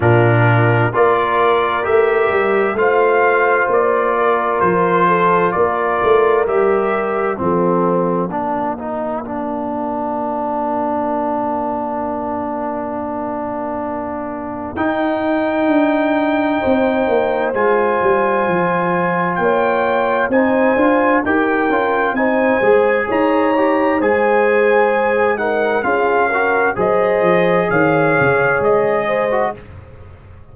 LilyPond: <<
  \new Staff \with { instrumentName = "trumpet" } { \time 4/4 \tempo 4 = 65 ais'4 d''4 e''4 f''4 | d''4 c''4 d''4 e''4 | f''1~ | f''1 |
g''2. gis''4~ | gis''4 g''4 gis''4 g''4 | gis''4 ais''4 gis''4. fis''8 | f''4 dis''4 f''4 dis''4 | }
  \new Staff \with { instrumentName = "horn" } { \time 4/4 f'4 ais'2 c''4~ | c''8 ais'4 a'8 ais'2 | a'4 ais'2.~ | ais'1~ |
ais'2 c''2~ | c''4 cis''4 c''4 ais'4 | c''4 cis''4 c''4. ais'8 | gis'8 ais'8 c''4 cis''4. c''8 | }
  \new Staff \with { instrumentName = "trombone" } { \time 4/4 d'4 f'4 g'4 f'4~ | f'2. g'4 | c'4 d'8 dis'8 d'2~ | d'1 |
dis'2. f'4~ | f'2 dis'8 f'8 g'8 f'8 | dis'8 gis'4 g'8 gis'4. dis'8 | f'8 fis'8 gis'2~ gis'8. fis'16 | }
  \new Staff \with { instrumentName = "tuba" } { \time 4/4 ais,4 ais4 a8 g8 a4 | ais4 f4 ais8 a8 g4 | f4 ais2.~ | ais1 |
dis'4 d'4 c'8 ais8 gis8 g8 | f4 ais4 c'8 d'8 dis'8 cis'8 | c'8 gis8 dis'4 gis2 | cis'4 fis8 f8 dis8 cis8 gis4 | }
>>